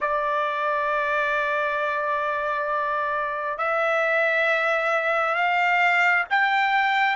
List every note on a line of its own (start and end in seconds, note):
0.00 3.57 D5
3.57 5.34 E5
5.34 6.24 F5
6.29 7.15 G5